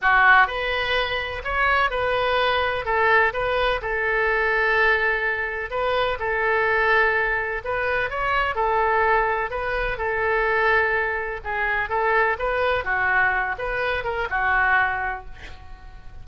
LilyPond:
\new Staff \with { instrumentName = "oboe" } { \time 4/4 \tempo 4 = 126 fis'4 b'2 cis''4 | b'2 a'4 b'4 | a'1 | b'4 a'2. |
b'4 cis''4 a'2 | b'4 a'2. | gis'4 a'4 b'4 fis'4~ | fis'8 b'4 ais'8 fis'2 | }